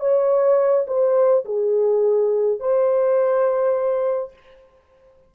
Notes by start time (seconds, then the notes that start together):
0.00 C#5
0.87 C5
1.45 G#4
2.60 C5